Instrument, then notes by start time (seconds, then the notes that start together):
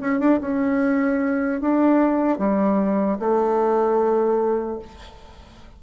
bassoon
0.00 C#4
0.19 D4
0.40 C#4
1.60 D4
2.38 G3
3.19 A3